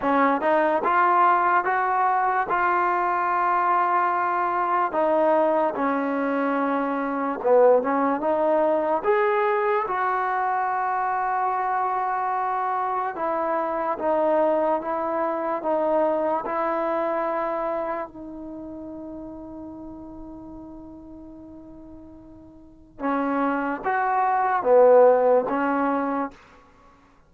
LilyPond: \new Staff \with { instrumentName = "trombone" } { \time 4/4 \tempo 4 = 73 cis'8 dis'8 f'4 fis'4 f'4~ | f'2 dis'4 cis'4~ | cis'4 b8 cis'8 dis'4 gis'4 | fis'1 |
e'4 dis'4 e'4 dis'4 | e'2 dis'2~ | dis'1 | cis'4 fis'4 b4 cis'4 | }